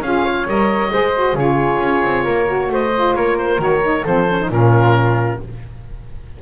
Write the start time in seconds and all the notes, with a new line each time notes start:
0.00 C#4 F4 G#4 F5
0.24 C#5
0.47 G3 A#4 D#5
0.90 G#3 G#4 C5
1.15 F#4
1.33 C#3 F4 G#4 C#5
1.80 C#4
2.04 C4
2.24 A#3 A#4
2.46 F#4
2.69 A3 C5 D#5
2.95 F4
3.15 A#3 A#4 C#5
3.38 C5
3.58 D#3 F#4 C#5
3.82 D#4
4.02 F3 C4 A4 C5
4.28 C#4
4.41 D#4
4.49 A#2 C#4 F4 A#4